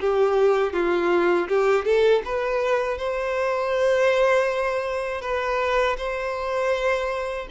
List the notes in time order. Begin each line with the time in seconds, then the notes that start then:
0.00 G4
0.73 F4
1.48 G4
1.84 A4
2.25 B4
2.97 C5
5.21 B4
5.97 C5